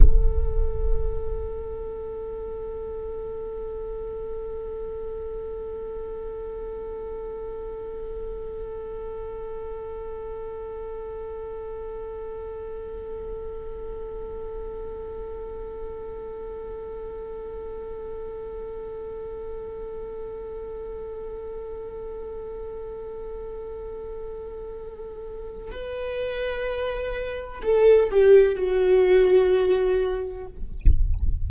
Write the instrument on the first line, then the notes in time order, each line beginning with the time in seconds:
viola
0.00 A4
25.71 B4
27.62 A4
28.10 G4
28.55 F#4